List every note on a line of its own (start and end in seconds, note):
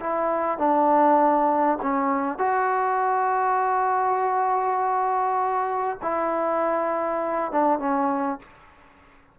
0.00 0.58 E4
0.58 1.78 D4
1.82 2.39 C#4
2.39 5.99 F#4
6.02 7.52 E4
7.52 7.79 D4
7.79 8.39 C#4